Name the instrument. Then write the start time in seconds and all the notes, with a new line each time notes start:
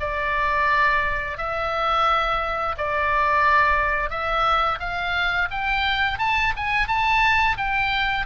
oboe
0.00 D5
1.38 E5
2.78 D5
4.10 E5
4.80 F5
5.51 G5
6.19 A5
6.57 G#5
6.88 A5
7.57 G5